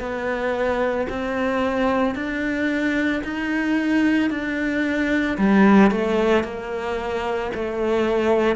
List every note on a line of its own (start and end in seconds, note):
0.00 1.07 B3
1.10 2.15 C4
2.15 3.22 D4
3.24 4.31 D#4
4.31 5.38 D4
5.38 5.92 G3
5.92 6.44 A3
6.44 7.51 A#3
7.55 8.57 A3